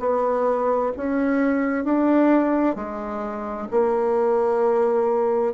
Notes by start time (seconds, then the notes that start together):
0.00 B3
0.97 C#4
1.85 D4
2.76 G#3
3.71 A#3